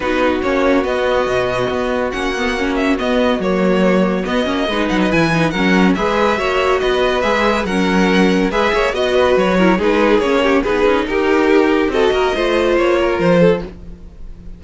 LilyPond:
<<
  \new Staff \with { instrumentName = "violin" } { \time 4/4 \tempo 4 = 141 b'4 cis''4 dis''2~ | dis''4 fis''4. e''8 dis''4 | cis''2 dis''4. fis''16 dis''16 | gis''4 fis''4 e''2 |
dis''4 e''4 fis''2 | e''4 dis''4 cis''4 b'4 | cis''4 b'4 ais'2 | dis''2 cis''4 c''4 | }
  \new Staff \with { instrumentName = "violin" } { \time 4/4 fis'1~ | fis'1~ | fis'2. b'4~ | b'4 ais'4 b'4 cis''4 |
b'2 ais'2 | b'8 cis''8 dis''8 b'4 ais'8 gis'4~ | gis'8 g'8 gis'4 g'2 | a'8 ais'8 c''4. ais'4 a'8 | }
  \new Staff \with { instrumentName = "viola" } { \time 4/4 dis'4 cis'4 b2~ | b4 cis'8 b8 cis'4 b4 | ais2 b8 cis'8 dis'4 | e'8 dis'8 cis'4 gis'4 fis'4~ |
fis'4 gis'4 cis'2 | gis'4 fis'4. e'8 dis'4 | cis'4 dis'2. | fis'4 f'2. | }
  \new Staff \with { instrumentName = "cello" } { \time 4/4 b4 ais4 b4 b,4 | b4 ais2 b4 | fis2 b8 ais8 gis8 fis8 | e4 fis4 gis4 ais4 |
b4 gis4 fis2 | gis8 ais8 b4 fis4 gis4 | ais4 b8 cis'8 dis'2 | c'8 ais8 a4 ais4 f4 | }
>>